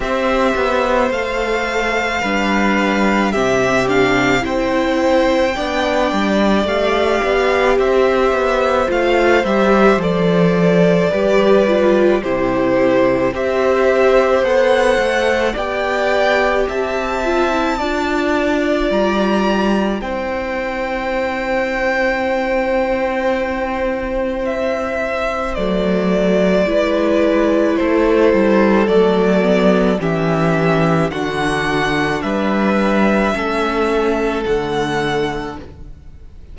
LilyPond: <<
  \new Staff \with { instrumentName = "violin" } { \time 4/4 \tempo 4 = 54 e''4 f''2 e''8 f''8 | g''2 f''4 e''4 | f''8 e''8 d''2 c''4 | e''4 fis''4 g''4 a''4~ |
a''4 ais''4 g''2~ | g''2 e''4 d''4~ | d''4 c''4 d''4 e''4 | fis''4 e''2 fis''4 | }
  \new Staff \with { instrumentName = "violin" } { \time 4/4 c''2 b'4 g'4 | c''4 d''2 c''4~ | c''2 b'4 g'4 | c''2 d''4 e''4 |
d''2 c''2~ | c''1 | b'4 a'2 g'4 | fis'4 b'4 a'2 | }
  \new Staff \with { instrumentName = "viola" } { \time 4/4 g'4 a'4 d'4 c'8 d'8 | e'4 d'4 g'2 | f'8 g'8 a'4 g'8 f'8 e'4 | g'4 a'4 g'4. f'16 e'16 |
f'2 e'2~ | e'2. a4 | e'2 a8 b8 cis'4 | d'2 cis'4 a4 | }
  \new Staff \with { instrumentName = "cello" } { \time 4/4 c'8 b8 a4 g4 c4 | c'4 b8 g8 a8 b8 c'8 b8 | a8 g8 f4 g4 c4 | c'4 b8 a8 b4 c'4 |
d'4 g4 c'2~ | c'2. fis4 | gis4 a8 g8 fis4 e4 | d4 g4 a4 d4 | }
>>